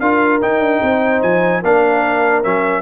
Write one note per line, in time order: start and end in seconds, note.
0.00 0.41 D4
0.00 0.42 F4
0.00 0.82 A#4
0.00 0.41 F5
0.42 1.63 D#4
0.42 0.60 D#4
0.42 1.23 G5
0.60 0.80 D4
0.83 1.23 C4
0.83 1.62 C5
1.23 1.63 F3
1.23 1.63 G#5
1.62 2.45 A#3
1.62 2.44 D4
1.62 2.82 A#4
1.62 2.44 F5
2.44 2.82 F#3
2.44 2.82 C#4
2.44 2.82 E5